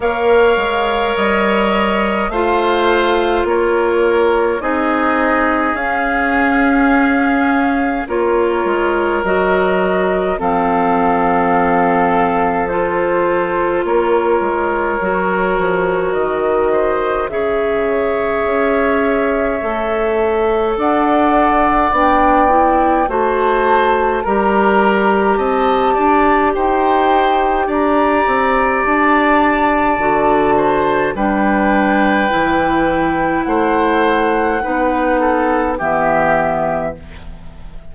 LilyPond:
<<
  \new Staff \with { instrumentName = "flute" } { \time 4/4 \tempo 4 = 52 f''4 dis''4 f''4 cis''4 | dis''4 f''2 cis''4 | dis''4 f''2 c''4 | cis''2 dis''4 e''4~ |
e''2 fis''4 g''4 | a''4 ais''4 a''4 g''4 | ais''4 a''2 g''4~ | g''4 fis''2 e''4 | }
  \new Staff \with { instrumentName = "oboe" } { \time 4/4 cis''2 c''4 ais'4 | gis'2. ais'4~ | ais'4 a'2. | ais'2~ ais'8 c''8 cis''4~ |
cis''2 d''2 | c''4 ais'4 dis''8 d''8 c''4 | d''2~ d''8 c''8 b'4~ | b'4 c''4 b'8 a'8 g'4 | }
  \new Staff \with { instrumentName = "clarinet" } { \time 4/4 ais'2 f'2 | dis'4 cis'2 f'4 | fis'4 c'2 f'4~ | f'4 fis'2 gis'4~ |
gis'4 a'2 d'8 e'8 | fis'4 g'2.~ | g'2 fis'4 d'4 | e'2 dis'4 b4 | }
  \new Staff \with { instrumentName = "bassoon" } { \time 4/4 ais8 gis8 g4 a4 ais4 | c'4 cis'2 ais8 gis8 | fis4 f2. | ais8 gis8 fis8 f8 dis4 cis4 |
cis'4 a4 d'4 b4 | a4 g4 c'8 d'8 dis'4 | d'8 c'8 d'4 d4 g4 | e4 a4 b4 e4 | }
>>